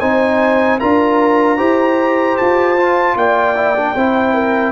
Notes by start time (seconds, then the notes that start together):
0.00 C4 D#4 C5 G#5
0.80 D4 F4 A#4 A#5
1.57 E4 G4 C5
2.37 F4 A5
2.77 F4
3.16 A#3 D5 G5
3.56 E4
3.76 D4
3.95 C4 E4 C5
4.34 A#4